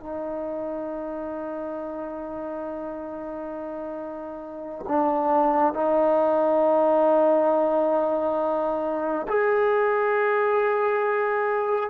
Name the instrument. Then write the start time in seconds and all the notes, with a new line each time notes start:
trombone
0.00 D#4
4.88 D4
5.74 D#4
9.28 G#4